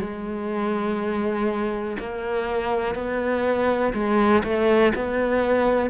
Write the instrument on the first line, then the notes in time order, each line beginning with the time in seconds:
cello
0.00 G#3
1.99 A#3
2.95 B3
3.94 G#3
4.44 A3
4.95 B3